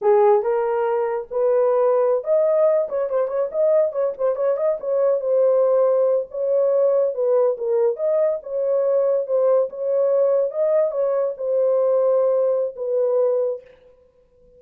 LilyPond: \new Staff \with { instrumentName = "horn" } { \time 4/4 \tempo 4 = 141 gis'4 ais'2 b'4~ | b'4~ b'16 dis''4. cis''8 c''8 cis''16~ | cis''16 dis''4 cis''8 c''8 cis''8 dis''8 cis''8.~ | cis''16 c''2~ c''8 cis''4~ cis''16~ |
cis''8. b'4 ais'4 dis''4 cis''16~ | cis''4.~ cis''16 c''4 cis''4~ cis''16~ | cis''8. dis''4 cis''4 c''4~ c''16~ | c''2 b'2 | }